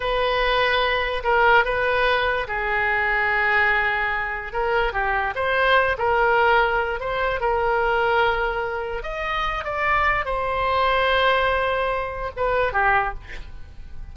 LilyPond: \new Staff \with { instrumentName = "oboe" } { \time 4/4 \tempo 4 = 146 b'2. ais'4 | b'2 gis'2~ | gis'2. ais'4 | g'4 c''4. ais'4.~ |
ais'4 c''4 ais'2~ | ais'2 dis''4. d''8~ | d''4 c''2.~ | c''2 b'4 g'4 | }